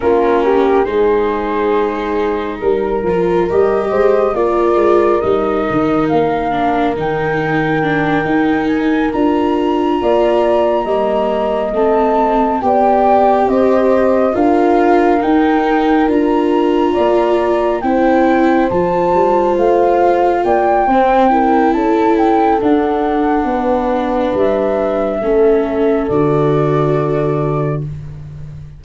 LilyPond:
<<
  \new Staff \with { instrumentName = "flute" } { \time 4/4 \tempo 4 = 69 ais'4 c''2 ais'4 | dis''4 d''4 dis''4 f''4 | g''2 gis''8 ais''4.~ | ais''4. a''4 g''4 dis''8~ |
dis''8 f''4 g''4 ais''4.~ | ais''8 g''4 a''4 f''4 g''8~ | g''4 a''8 g''8 fis''2 | e''2 d''2 | }
  \new Staff \with { instrumentName = "horn" } { \time 4/4 f'8 g'8 gis'2 ais'4~ | ais'8 c''8 ais'2.~ | ais'2.~ ais'8 d''8~ | d''8 dis''2 d''4 c''8~ |
c''8 ais'2. d''8~ | d''8 c''2. d''8 | c''8 ais'8 a'2 b'4~ | b'4 a'2. | }
  \new Staff \with { instrumentName = "viola" } { \time 4/4 cis'4 dis'2~ dis'8 f'8 | g'4 f'4 dis'4. d'8 | dis'4 d'8 dis'4 f'4.~ | f'8 ais4 c'4 g'4.~ |
g'8 f'4 dis'4 f'4.~ | f'8 e'4 f'2~ f'8 | c'8 e'4. d'2~ | d'4 cis'4 fis'2 | }
  \new Staff \with { instrumentName = "tuba" } { \time 4/4 ais4 gis2 g8 f8 | g8 gis8 ais8 gis8 g8 dis8 ais4 | dis4. dis'4 d'4 ais8~ | ais8 g4 a4 b4 c'8~ |
c'8 d'4 dis'4 d'4 ais8~ | ais8 c'4 f8 g8 a4 ais8 | c'4 cis'4 d'4 b4 | g4 a4 d2 | }
>>